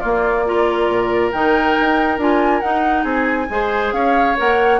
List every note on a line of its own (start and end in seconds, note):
0.00 0.46 A#3
0.00 0.88 A#3
0.00 0.44 F4
0.00 1.30 D5
0.46 1.33 F4
0.46 3.03 A#4
0.88 1.32 A#2
1.32 1.77 D#3
1.32 2.20 D#4
1.32 2.19 G5
1.81 2.18 D#4
2.18 2.62 D4
2.18 2.62 F4
2.18 2.61 G#5
2.61 3.49 D#4
2.61 3.04 D#4
2.61 3.04 F#5
3.03 3.48 C4
3.03 3.47 G#4
3.03 3.93 G#5
3.50 3.93 G#3
3.50 4.37 G#4
3.50 3.94 C5
3.93 4.36 C#4
3.93 4.80 C#5
3.93 4.37 F5
4.37 4.80 A#3
4.37 4.80 A#4
4.37 4.80 F#5